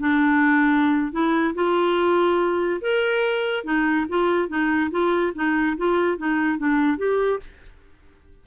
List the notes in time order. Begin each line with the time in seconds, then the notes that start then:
0.00 D4
1.13 E4
1.55 F4
2.82 A#4
3.64 D#4
4.09 F4
4.49 D#4
4.91 F4
5.35 D#4
5.78 F4
6.18 D#4
6.58 D4
6.98 G4